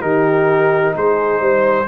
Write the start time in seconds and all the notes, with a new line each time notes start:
0.00 D#3 D#4 G4 A#4
0.95 G#3 G#4 C5
1.40 G3 C5